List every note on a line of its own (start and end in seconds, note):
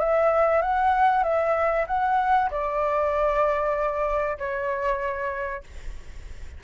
0.00 0.62 E5
0.62 1.24 F#5
1.24 1.86 E5
1.88 2.50 F#5
2.51 4.39 D5
4.39 5.64 C#5